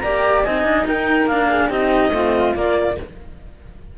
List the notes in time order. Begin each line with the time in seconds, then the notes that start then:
0.00 A#3 G4 D5 A#5
0.43 C4 D#4 D#5 G#5
0.64 D4
0.87 D#4 A#4 G5
1.26 A#3 D4 F5
1.49 G#4
1.70 C4 D#4 G4 D#5
2.10 A3 C4 F4
2.55 A#3 D5